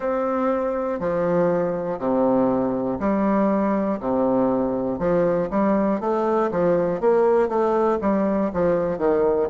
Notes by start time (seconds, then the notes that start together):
0.00 C4
1.00 F3
1.98 C3
2.99 G3
4.00 C3
4.98 F3
5.50 G3
6.00 A3
6.50 F3
7.00 A#3
7.48 A3
8.00 G3
8.53 F3
8.97 D#3